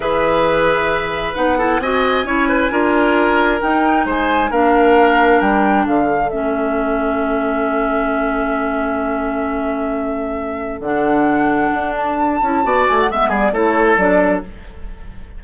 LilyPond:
<<
  \new Staff \with { instrumentName = "flute" } { \time 4/4 \tempo 4 = 133 e''2. fis''4 | gis''1 | g''4 gis''4 f''2 | g''4 f''4 e''2~ |
e''1~ | e''1 | fis''2~ fis''8 a''4.~ | a''8 gis''16 fis''16 e''8 d''8 cis''4 d''4 | }
  \new Staff \with { instrumentName = "oboe" } { \time 4/4 b'2.~ b'8 a'8 | dis''4 cis''8 b'8 ais'2~ | ais'4 c''4 ais'2~ | ais'4 a'2.~ |
a'1~ | a'1~ | a'1 | d''4 e''8 gis'8 a'2 | }
  \new Staff \with { instrumentName = "clarinet" } { \time 4/4 gis'2. dis'8 e'8 | fis'4 e'4 f'2 | dis'2 d'2~ | d'2 cis'2~ |
cis'1~ | cis'1 | d'2.~ d'8 e'8 | fis'4 b4 e'4 d'4 | }
  \new Staff \with { instrumentName = "bassoon" } { \time 4/4 e2. b4 | c'4 cis'4 d'2 | dis'4 gis4 ais2 | g4 d4 a2~ |
a1~ | a1 | d2 d'4. cis'8 | b8 a8 gis8 g8 a4 fis4 | }
>>